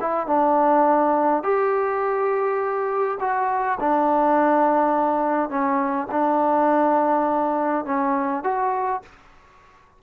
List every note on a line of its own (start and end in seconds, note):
0.00 0.26 E4
0.26 1.43 D4
1.43 3.18 G4
3.20 3.78 F#4
3.80 5.49 D4
5.49 6.07 C#4
6.11 7.85 D4
7.85 8.43 C#4
8.43 9.02 F#4